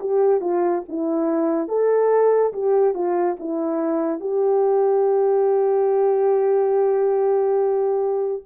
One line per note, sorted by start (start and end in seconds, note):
0.00 0.40 G4
0.40 0.82 F4
0.88 1.68 E4
1.68 2.52 A4
2.53 2.94 G4
2.94 3.36 F4
3.39 4.20 E4
4.20 8.42 G4